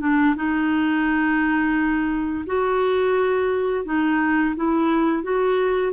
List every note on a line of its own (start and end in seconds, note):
0.00 0.35 D4
0.36 2.45 D#4
2.46 3.85 F#4
3.85 4.55 D#4
4.55 5.23 E4
5.23 5.92 F#4